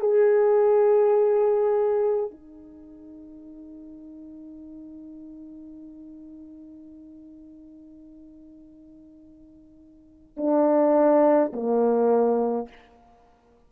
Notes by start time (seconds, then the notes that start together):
0.00 G#4
2.31 D#4
10.37 D4
11.53 A#3